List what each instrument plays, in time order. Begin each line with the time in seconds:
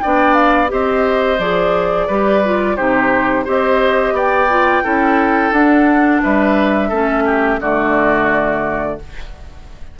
0.00 bassoon B3, clarinet D4, oboe D5, flute G5
0.34 flute F5
0.68 bassoon C4, clarinet G4, oboe C5, flute D#5
1.39 bassoon F3, clarinet G#4, flute D5
2.07 bassoon G3, clarinet G4, oboe B4
2.45 clarinet F4
2.76 bassoon C3, clarinet D#4, oboe G4, flute C5
3.45 bassoon C4, clarinet G4, oboe C5, flute D#5
4.13 bassoon B3, oboe D5, flute G5
4.50 clarinet F4
4.84 bassoon C#4, clarinet E4, oboe A4
5.52 bassoon D4, clarinet D4, flute F#5
6.23 bassoon G3, oboe B4, flute E5
6.89 bassoon A3, clarinet C#4, oboe A4
7.25 oboe G4
7.61 bassoon D3, clarinet A3, oboe F#4, flute D5